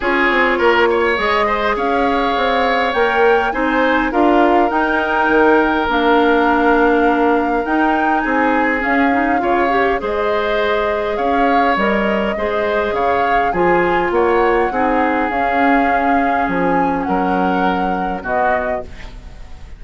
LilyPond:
<<
  \new Staff \with { instrumentName = "flute" } { \time 4/4 \tempo 4 = 102 cis''2 dis''4 f''4~ | f''4 g''4 gis''4 f''4 | g''2 f''2~ | f''4 g''4 gis''4 f''4~ |
f''4 dis''2 f''4 | dis''2 f''4 gis''4 | fis''2 f''2 | gis''4 fis''2 dis''4 | }
  \new Staff \with { instrumentName = "oboe" } { \time 4/4 gis'4 ais'8 cis''4 c''8 cis''4~ | cis''2 c''4 ais'4~ | ais'1~ | ais'2 gis'2 |
cis''4 c''2 cis''4~ | cis''4 c''4 cis''4 gis'4 | cis''4 gis'2.~ | gis'4 ais'2 fis'4 | }
  \new Staff \with { instrumentName = "clarinet" } { \time 4/4 f'2 gis'2~ | gis'4 ais'4 dis'4 f'4 | dis'2 d'2~ | d'4 dis'2 cis'8 dis'8 |
f'8 g'8 gis'2. | ais'4 gis'2 f'4~ | f'4 dis'4 cis'2~ | cis'2. b4 | }
  \new Staff \with { instrumentName = "bassoon" } { \time 4/4 cis'8 c'8 ais4 gis4 cis'4 | c'4 ais4 c'4 d'4 | dis'4 dis4 ais2~ | ais4 dis'4 c'4 cis'4 |
cis4 gis2 cis'4 | g4 gis4 cis4 f4 | ais4 c'4 cis'2 | f4 fis2 b,4 | }
>>